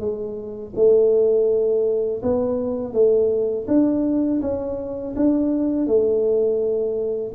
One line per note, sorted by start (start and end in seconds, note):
0.00 0.73 G#3
0.75 2.22 A3
2.23 2.93 B3
2.93 3.67 A3
3.68 4.41 D4
4.42 5.15 C#4
5.16 5.87 D4
5.87 7.33 A3